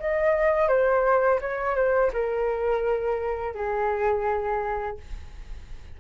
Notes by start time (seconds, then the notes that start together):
0.00 D#5
0.69 C5
1.41 C#5
1.76 C5
2.13 A#4
3.55 G#4